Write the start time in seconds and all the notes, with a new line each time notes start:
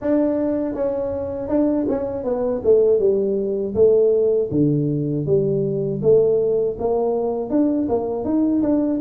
0.01 D4
0.74 C#4
1.48 D4
1.89 C#4
2.24 B3
2.64 A3
2.99 G3
3.74 A3
4.51 D3
5.25 G3
6.02 A3
6.78 A#3
7.50 D4
7.88 A#3
8.24 D#4
8.62 D4